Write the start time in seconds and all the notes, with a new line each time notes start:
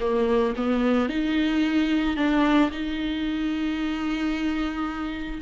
0.00 A#3
0.56 B3
1.09 D#4
2.16 D4
2.71 D#4